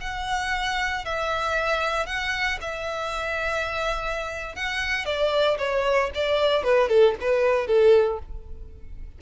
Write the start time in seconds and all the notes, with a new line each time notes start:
0.00 F#5
1.05 E5
2.06 F#5
2.61 E5
4.55 F#5
5.05 D5
5.58 C#5
6.14 D5
6.63 B4
6.88 A4
7.20 B4
7.66 A4